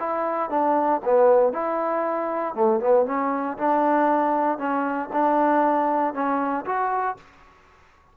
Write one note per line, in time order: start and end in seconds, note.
0.00 0.50 E4
0.50 1.01 D4
1.05 1.52 B3
1.52 2.55 E4
2.55 2.80 A3
2.80 3.06 B3
3.06 3.57 C#4
3.58 4.58 D4
4.58 5.10 C#4
5.13 6.14 D4
6.14 6.65 C#4
6.65 7.17 F#4